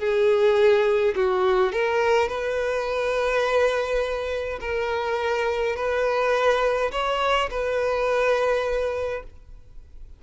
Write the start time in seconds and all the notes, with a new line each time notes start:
0.00 G#4
1.16 F#4
1.73 A#4
2.29 B4
4.61 A#4
5.76 B4
6.92 C#5
7.51 B4